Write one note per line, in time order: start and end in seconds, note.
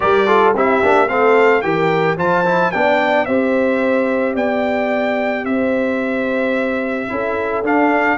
0.00 0.54 G3
0.00 0.27 G4
0.00 0.26 A#4
0.00 0.54 D5
0.26 0.54 F4
0.26 0.54 A4
0.54 0.81 C4
0.54 0.82 E4
0.54 1.08 G4
0.54 1.08 E5
0.82 1.09 A#3
0.82 1.08 D4
1.08 1.63 A3
1.08 1.62 C4
1.08 1.63 A4
1.08 1.61 F5
1.61 2.17 E3
1.61 2.17 G4
1.61 2.16 A#4
1.61 2.16 G5
2.16 2.71 F3
2.16 2.44 F4
2.16 2.71 C5
2.16 2.71 A5
2.45 2.72 E4
2.71 3.27 B3
2.71 3.27 D4
2.71 3.27 D5
2.71 3.25 G5
3.25 4.35 C4
3.25 7.09 G4
3.25 4.34 C5
3.25 4.34 E5
4.34 5.44 B3
4.34 5.43 D5
4.34 5.45 G5
5.44 7.08 C4
5.44 7.08 C5
5.44 7.63 E5
7.09 7.62 C#4
7.09 7.63 E4
7.09 8.17 A4
7.62 8.17 D4
7.62 8.17 F5